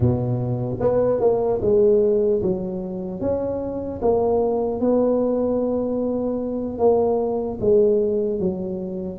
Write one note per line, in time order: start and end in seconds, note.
0.00 0.79 B2
0.80 1.20 B3
1.20 1.60 A#3
1.61 2.41 G#3
2.42 3.20 F#3
3.20 4.00 C#4
4.01 4.80 A#3
4.80 6.78 B3
6.78 7.58 A#3
7.60 8.39 G#3
8.39 9.19 F#3